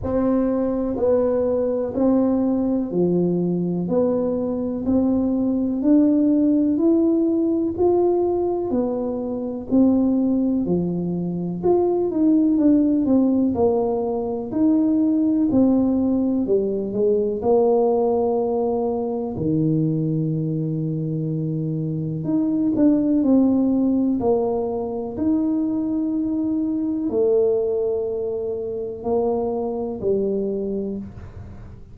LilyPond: \new Staff \with { instrumentName = "tuba" } { \time 4/4 \tempo 4 = 62 c'4 b4 c'4 f4 | b4 c'4 d'4 e'4 | f'4 b4 c'4 f4 | f'8 dis'8 d'8 c'8 ais4 dis'4 |
c'4 g8 gis8 ais2 | dis2. dis'8 d'8 | c'4 ais4 dis'2 | a2 ais4 g4 | }